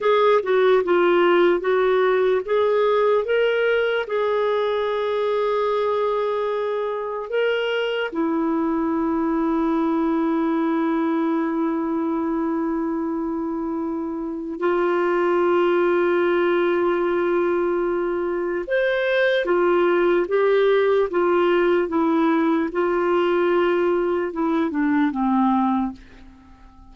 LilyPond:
\new Staff \with { instrumentName = "clarinet" } { \time 4/4 \tempo 4 = 74 gis'8 fis'8 f'4 fis'4 gis'4 | ais'4 gis'2.~ | gis'4 ais'4 e'2~ | e'1~ |
e'2 f'2~ | f'2. c''4 | f'4 g'4 f'4 e'4 | f'2 e'8 d'8 c'4 | }